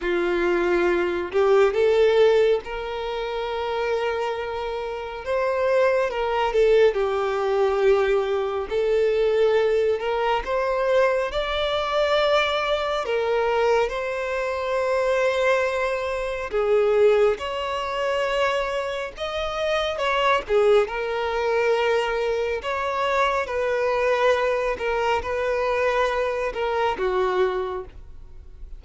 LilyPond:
\new Staff \with { instrumentName = "violin" } { \time 4/4 \tempo 4 = 69 f'4. g'8 a'4 ais'4~ | ais'2 c''4 ais'8 a'8 | g'2 a'4. ais'8 | c''4 d''2 ais'4 |
c''2. gis'4 | cis''2 dis''4 cis''8 gis'8 | ais'2 cis''4 b'4~ | b'8 ais'8 b'4. ais'8 fis'4 | }